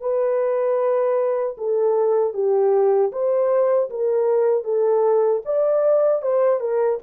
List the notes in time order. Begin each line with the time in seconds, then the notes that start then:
0.00 B4
1.57 A4
2.33 G4
3.11 C5
3.90 A#4
4.64 A4
5.45 D5
6.22 C5
6.60 A#4